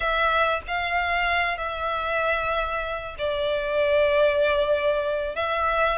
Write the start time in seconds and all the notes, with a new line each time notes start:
0.00 E5
0.67 F5
1.57 E5
3.18 D5
5.35 E5